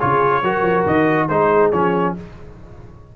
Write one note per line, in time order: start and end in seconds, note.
0.00 0.43 C#3
0.00 0.44 F4
0.00 0.43 G#4
0.00 0.86 C#5
0.43 0.62 F#3
0.43 1.30 F#4
0.43 1.29 A#4
0.62 0.84 F3
0.87 1.29 D#3
0.87 1.29 D#5
1.29 1.72 G#3
1.29 1.74 D#4
1.29 2.15 G#4
1.29 1.72 C5
1.72 2.16 F3
1.72 2.17 C#4
1.72 2.15 C#5